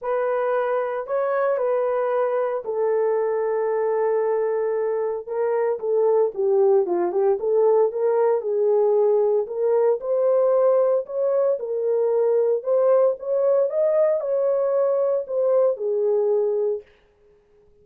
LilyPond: \new Staff \with { instrumentName = "horn" } { \time 4/4 \tempo 4 = 114 b'2 cis''4 b'4~ | b'4 a'2.~ | a'2 ais'4 a'4 | g'4 f'8 g'8 a'4 ais'4 |
gis'2 ais'4 c''4~ | c''4 cis''4 ais'2 | c''4 cis''4 dis''4 cis''4~ | cis''4 c''4 gis'2 | }